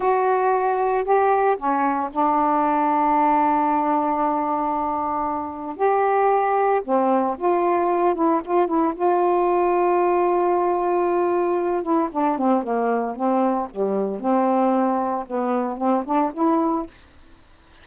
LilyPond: \new Staff \with { instrumentName = "saxophone" } { \time 4/4 \tempo 4 = 114 fis'2 g'4 cis'4 | d'1~ | d'2. g'4~ | g'4 c'4 f'4. e'8 |
f'8 e'8 f'2.~ | f'2~ f'8 e'8 d'8 c'8 | ais4 c'4 g4 c'4~ | c'4 b4 c'8 d'8 e'4 | }